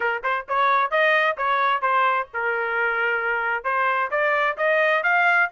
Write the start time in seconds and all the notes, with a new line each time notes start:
0.00 A#4
0.23 C5
0.48 C#5
0.90 D#5
1.37 C#5
1.81 C5
2.33 A#4
3.64 C5
4.10 D5
4.57 D#5
5.03 F5